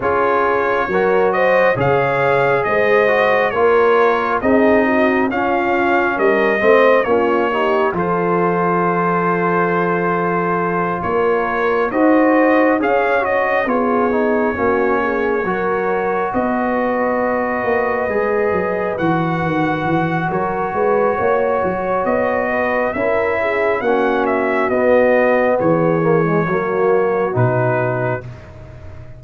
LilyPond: <<
  \new Staff \with { instrumentName = "trumpet" } { \time 4/4 \tempo 4 = 68 cis''4. dis''8 f''4 dis''4 | cis''4 dis''4 f''4 dis''4 | cis''4 c''2.~ | c''8 cis''4 dis''4 f''8 dis''8 cis''8~ |
cis''2~ cis''8 dis''4.~ | dis''4. fis''4. cis''4~ | cis''4 dis''4 e''4 fis''8 e''8 | dis''4 cis''2 b'4 | }
  \new Staff \with { instrumentName = "horn" } { \time 4/4 gis'4 ais'8 c''8 cis''4 c''4 | ais'4 gis'8 fis'8 f'4 ais'8 c''8 | f'8 g'8 a'2.~ | a'8 ais'4 c''4 cis''4 gis'8~ |
gis'8 fis'8 gis'8 ais'4 b'4.~ | b'2. ais'8 b'8 | cis''4. b'8 ais'8 gis'8 fis'4~ | fis'4 gis'4 fis'2 | }
  \new Staff \with { instrumentName = "trombone" } { \time 4/4 f'4 fis'4 gis'4. fis'8 | f'4 dis'4 cis'4. c'8 | cis'8 dis'8 f'2.~ | f'4. fis'4 gis'8 fis'8 f'8 |
dis'8 cis'4 fis'2~ fis'8~ | fis'8 gis'4 fis'2~ fis'8~ | fis'2 e'4 cis'4 | b4. ais16 gis16 ais4 dis'4 | }
  \new Staff \with { instrumentName = "tuba" } { \time 4/4 cis'4 fis4 cis4 gis4 | ais4 c'4 cis'4 g8 a8 | ais4 f2.~ | f8 ais4 dis'4 cis'4 b8~ |
b8 ais4 fis4 b4. | ais8 gis8 fis8 e8 dis8 e8 fis8 gis8 | ais8 fis8 b4 cis'4 ais4 | b4 e4 fis4 b,4 | }
>>